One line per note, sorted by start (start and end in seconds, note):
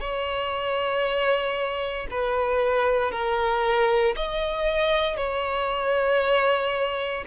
0.00 2.07 C#5
2.11 3.11 B4
3.11 4.15 A#4
4.16 5.17 D#5
5.17 7.24 C#5